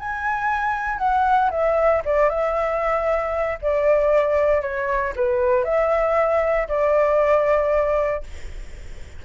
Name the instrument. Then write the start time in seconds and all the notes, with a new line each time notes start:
flute
0.00 G#5
0.99 F#5
1.51 E5
2.05 D5
2.30 E5
3.62 D5
4.62 C#5
5.16 B4
5.65 E5
6.69 D5